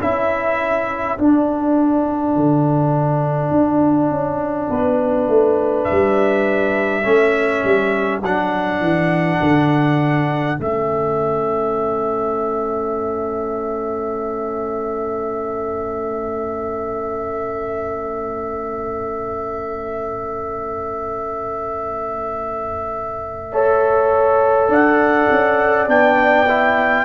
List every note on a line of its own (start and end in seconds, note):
0.00 1.18 C#4
0.00 1.18 E4
0.00 4.70 A4
0.00 1.20 E5
1.19 2.36 D4
1.19 7.04 D4
1.19 5.85 F#5
2.36 3.51 D3
3.51 4.10 D4
4.10 4.69 C#4
4.70 5.28 B3
4.70 7.04 B4
5.28 5.87 A3
5.85 8.20 E5
5.91 7.05 G3
7.04 7.64 A3
7.04 8.22 C#4
7.04 23.51 A4
7.65 8.22 G3
8.22 8.81 F#3
8.22 10.57 D4
8.22 10.60 F#5
8.81 9.39 E3
9.42 10.60 D3
10.57 24.69 A3
10.57 23.51 C#4
10.57 24.73 E5
23.52 25.88 A4
23.52 24.69 C#5
24.69 25.28 D4
24.69 27.04 D5
24.69 25.90 F#5
25.31 25.88 C#4
25.88 27.05 B3
25.88 26.47 D4
25.88 27.06 G5
26.49 27.06 E4